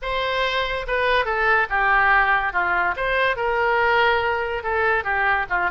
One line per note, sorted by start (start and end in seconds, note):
0.01 0.86 C5
0.87 1.25 B4
1.25 1.67 A4
1.69 2.52 G4
2.52 2.94 F4
2.96 3.36 C5
3.36 4.63 A#4
4.63 5.03 A4
5.03 5.46 G4
5.49 5.70 F4